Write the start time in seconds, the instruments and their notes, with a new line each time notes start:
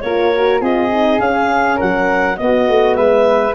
0.00 tuba A#3, horn F4, flute A#4, clarinet C#5
0.35 horn F#4
0.60 tuba C4, horn F4, flute G#4, clarinet D#5
0.91 horn D#4
1.20 tuba C#4, horn C#4, clarinet F5
1.76 tuba F#3, flute A#4, clarinet F#5
2.37 horn B3, tuba B3, flute F#4, clarinet D#5
2.69 tuba A3
2.95 tuba G#3, flute B4, clarinet E5